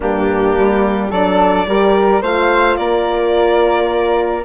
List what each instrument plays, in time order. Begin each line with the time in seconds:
0.00 bassoon G2, horn A#3, flute D4, violin G4
0.58 bassoon G3
1.09 bassoon F#3, horn D4, flute A4, violin D5
1.66 bassoon G3, horn G4, flute A#4
2.21 bassoon A3, horn F4, flute C5, violin F5
2.76 bassoon A#3, flute A#4, violin D5